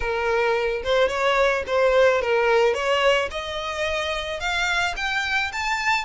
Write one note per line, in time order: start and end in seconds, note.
0.00 0.83 A#4
0.83 1.08 C5
1.08 1.63 C#5
1.67 2.21 C5
2.21 2.74 A#4
2.74 3.29 C#5
3.30 4.39 D#5
4.39 4.94 F5
4.96 5.51 G5
5.52 6.05 A5